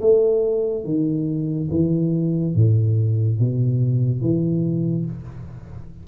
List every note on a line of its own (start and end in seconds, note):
0.00 0.84 A3
0.84 1.68 D#3
1.70 2.54 E3
2.54 3.39 A2
3.39 4.21 B2
4.21 5.05 E3